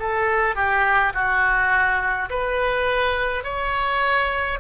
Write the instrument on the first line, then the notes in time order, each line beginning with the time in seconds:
oboe
0.00 A4
0.56 G4
1.14 F#4
2.30 B4
3.44 C#5